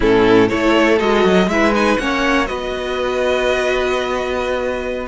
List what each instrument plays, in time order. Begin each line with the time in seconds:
0.00 cello A2, viola C#4, violin E4 A4
0.48 cello A3, viola E4, violin A4 C#5
0.99 cello G#3, viola F#4, violin D#5
1.24 cello F#3
1.46 cello G#3, viola E4, violin B4 E5
1.73 viola D#4, violin G#5
1.97 cello A#3, viola C#4, violin C#5 F#5
2.46 cello B3, viola F#4, violin B4 D#5